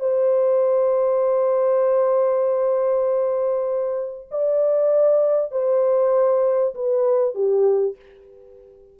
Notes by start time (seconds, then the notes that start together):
0.00 C5
4.31 D5
5.52 C5
6.75 B4
7.35 G4